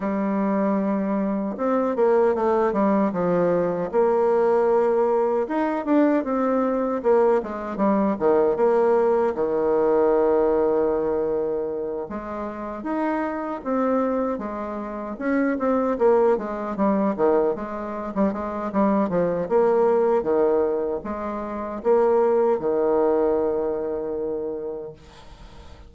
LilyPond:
\new Staff \with { instrumentName = "bassoon" } { \time 4/4 \tempo 4 = 77 g2 c'8 ais8 a8 g8 | f4 ais2 dis'8 d'8 | c'4 ais8 gis8 g8 dis8 ais4 | dis2.~ dis8 gis8~ |
gis8 dis'4 c'4 gis4 cis'8 | c'8 ais8 gis8 g8 dis8 gis8. g16 gis8 | g8 f8 ais4 dis4 gis4 | ais4 dis2. | }